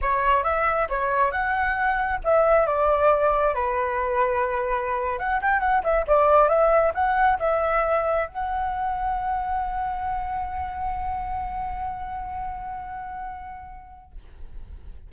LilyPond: \new Staff \with { instrumentName = "flute" } { \time 4/4 \tempo 4 = 136 cis''4 e''4 cis''4 fis''4~ | fis''4 e''4 d''2 | b'2.~ b'8. fis''16~ | fis''16 g''8 fis''8 e''8 d''4 e''4 fis''16~ |
fis''8. e''2 fis''4~ fis''16~ | fis''1~ | fis''1~ | fis''1 | }